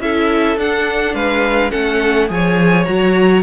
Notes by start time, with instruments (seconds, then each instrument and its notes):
0.00 cello C#4, viola E4, violin A4 E5
0.57 cello D4, viola D4, violin F#5
1.14 cello G#3, violin B4 F5
1.71 cello A3, viola C#4, violin A4 F#5
2.28 cello F3, viola G#4, violin C#5 G#5
2.85 cello F#3, viola F#4, violin A#5